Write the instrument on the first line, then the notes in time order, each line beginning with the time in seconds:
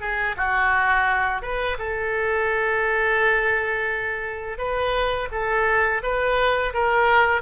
oboe
0.00 G#4
0.37 F#4
1.41 B4
1.78 A4
4.58 B4
5.31 A4
6.02 B4
6.73 A#4